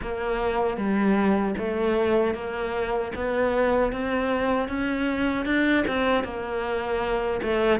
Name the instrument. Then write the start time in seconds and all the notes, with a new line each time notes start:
cello
0.01 A#3
0.77 G3
1.58 A3
2.34 A#3
3.15 B3
3.92 C4
4.68 C#4
5.45 D4
5.87 C4
6.24 A#3
7.42 A3